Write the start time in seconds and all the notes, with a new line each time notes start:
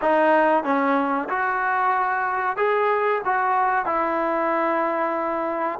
0.01 D#4
0.63 C#4
1.29 F#4
2.57 G#4
3.25 F#4
3.85 E4